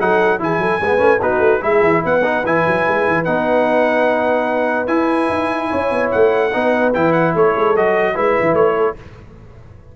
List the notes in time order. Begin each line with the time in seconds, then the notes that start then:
0.00 F#3 D#4 A4 F#5
0.39 E3 E4 G#4 G#5
0.59 F#3 A4
0.81 G#3 B3 B4
0.98 A3 C#4
1.21 B3 D#4 F#4 B4
1.39 A3
1.61 G#3 E4 G#4 E5
1.81 E3
2.04 B3 B4 F#5
2.24 D#4
2.46 E3 E4 G#5
2.67 F#3
2.88 G#3
3.08 E3
3.25 B3 D#4 F#5
4.87 E4 G#5
5.30 D#4
5.70 C#4 C#5
5.91 B3
6.11 A3 F#5
6.53 B3 D#4 B4
6.94 E3 E4 G5
7.13 F#5
7.35 A3 A4 C#5
7.57 G#3
7.76 F#3 F#4 D#5
8.15 G#3 E4 B4 E5
8.41 E3
8.54 A3 C#5
8.76 A4